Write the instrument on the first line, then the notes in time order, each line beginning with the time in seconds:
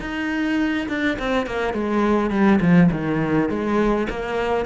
cello
0.00 D#4
0.88 D4
1.18 C4
1.46 A#3
1.73 G#3
2.30 G3
2.61 F3
2.91 D#3
3.49 G#3
4.09 A#3